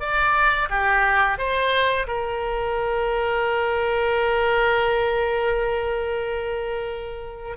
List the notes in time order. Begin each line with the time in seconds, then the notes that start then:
0.00 D5
0.69 G4
1.38 C5
2.07 A#4